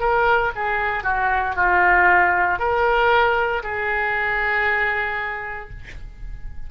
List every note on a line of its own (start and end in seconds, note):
0.00 0.52 A#4
0.55 1.04 G#4
1.04 1.56 F#4
1.56 2.59 F4
2.59 3.63 A#4
3.63 5.70 G#4